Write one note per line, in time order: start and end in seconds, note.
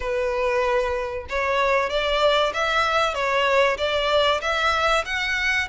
0.00 1.26 B4
1.29 1.89 C#5
1.89 2.52 D5
2.53 3.14 E5
3.14 3.77 C#5
3.77 4.40 D5
4.41 5.04 E5
5.05 5.68 F#5